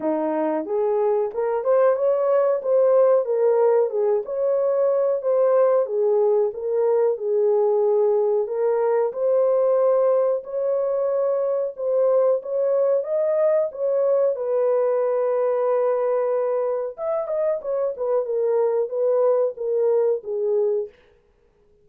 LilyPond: \new Staff \with { instrumentName = "horn" } { \time 4/4 \tempo 4 = 92 dis'4 gis'4 ais'8 c''8 cis''4 | c''4 ais'4 gis'8 cis''4. | c''4 gis'4 ais'4 gis'4~ | gis'4 ais'4 c''2 |
cis''2 c''4 cis''4 | dis''4 cis''4 b'2~ | b'2 e''8 dis''8 cis''8 b'8 | ais'4 b'4 ais'4 gis'4 | }